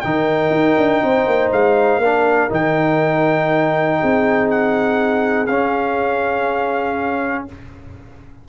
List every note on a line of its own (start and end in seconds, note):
0.00 0.49 D#3
0.00 2.02 D#4
0.00 1.03 A#4
0.00 1.49 G5
0.49 0.74 D#4
0.77 1.02 D4
1.03 1.26 C4
1.03 2.02 C5
1.26 1.51 A#3
1.52 1.98 G#3
1.52 2.51 F5
1.98 2.47 A#3
1.98 2.49 D4
1.98 3.99 A#4
2.49 3.99 D#3
2.49 5.47 D#4
2.49 4.50 G5
3.99 5.49 C4
3.99 7.46 G#4
4.50 5.46 F#5
5.46 7.47 C#4
5.46 7.48 C#4
5.46 7.44 F5